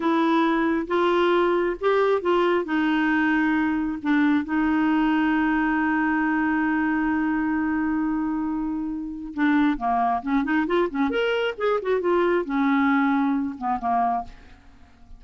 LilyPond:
\new Staff \with { instrumentName = "clarinet" } { \time 4/4 \tempo 4 = 135 e'2 f'2 | g'4 f'4 dis'2~ | dis'4 d'4 dis'2~ | dis'1~ |
dis'1~ | dis'4 d'4 ais4 cis'8 dis'8 | f'8 cis'8 ais'4 gis'8 fis'8 f'4 | cis'2~ cis'8 b8 ais4 | }